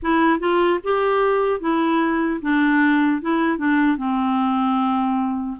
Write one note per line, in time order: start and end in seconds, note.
0.02 0.39 E4
0.39 0.79 F4
0.83 1.60 G4
1.60 2.40 E4
2.41 3.21 D4
3.21 3.58 E4
3.58 3.97 D4
3.97 5.57 C4